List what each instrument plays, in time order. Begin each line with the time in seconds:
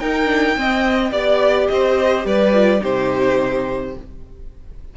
0.00 cello D#4, viola D#4, violin A#4 G5
0.25 viola D4
0.56 viola C4, cello C4, violin D#5
1.12 cello B3, viola G4, violin D5
1.68 cello C4, violin C5 D#5
2.25 cello G3, violin B4 D5
2.54 viola F4
2.79 cello C3, viola D#4, violin G4 C5